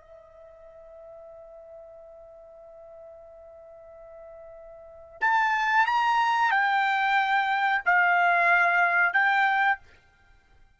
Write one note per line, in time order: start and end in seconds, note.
0.00 5.21 E5
5.21 5.86 A5
5.86 6.51 A#5
6.51 7.81 G5
7.85 9.13 F5
9.13 9.78 G5